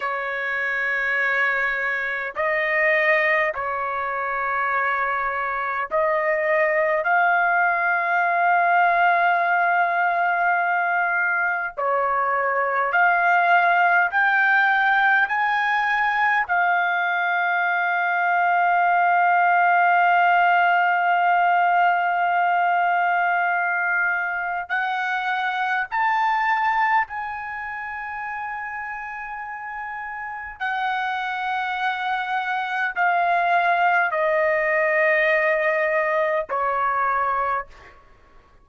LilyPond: \new Staff \with { instrumentName = "trumpet" } { \time 4/4 \tempo 4 = 51 cis''2 dis''4 cis''4~ | cis''4 dis''4 f''2~ | f''2 cis''4 f''4 | g''4 gis''4 f''2~ |
f''1~ | f''4 fis''4 a''4 gis''4~ | gis''2 fis''2 | f''4 dis''2 cis''4 | }